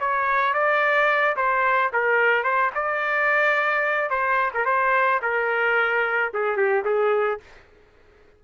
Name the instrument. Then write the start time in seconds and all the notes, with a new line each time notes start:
trumpet
0.00 C#5
0.54 D5
1.36 C5
1.93 A#4
2.43 C5
2.75 D5
4.10 C5
4.54 A#4
4.65 C5
5.22 A#4
6.34 G#4
6.57 G4
6.85 G#4